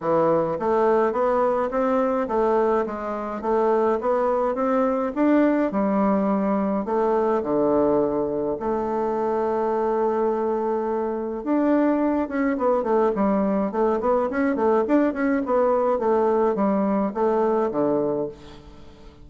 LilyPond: \new Staff \with { instrumentName = "bassoon" } { \time 4/4 \tempo 4 = 105 e4 a4 b4 c'4 | a4 gis4 a4 b4 | c'4 d'4 g2 | a4 d2 a4~ |
a1 | d'4. cis'8 b8 a8 g4 | a8 b8 cis'8 a8 d'8 cis'8 b4 | a4 g4 a4 d4 | }